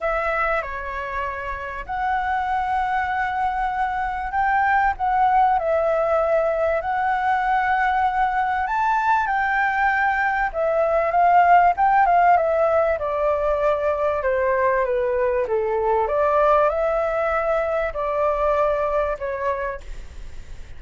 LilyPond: \new Staff \with { instrumentName = "flute" } { \time 4/4 \tempo 4 = 97 e''4 cis''2 fis''4~ | fis''2. g''4 | fis''4 e''2 fis''4~ | fis''2 a''4 g''4~ |
g''4 e''4 f''4 g''8 f''8 | e''4 d''2 c''4 | b'4 a'4 d''4 e''4~ | e''4 d''2 cis''4 | }